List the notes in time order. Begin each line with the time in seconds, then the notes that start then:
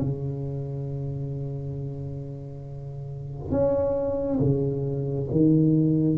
0.00 C#3
3.51 C#4
4.40 C#3
5.31 D#3